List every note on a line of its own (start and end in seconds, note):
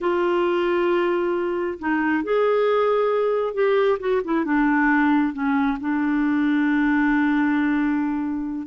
0.00 1.78 F4
1.79 2.23 D#4
2.23 3.54 G#4
3.54 3.98 G4
3.99 4.21 F#4
4.24 4.44 E4
4.44 5.33 D4
5.33 5.77 C#4
5.80 8.67 D4